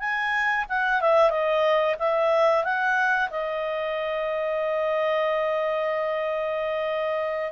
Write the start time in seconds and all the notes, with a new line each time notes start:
0.00 G#5
0.70 F#5
1.01 E5
1.30 D#5
1.99 E5
2.64 F#5
3.31 D#5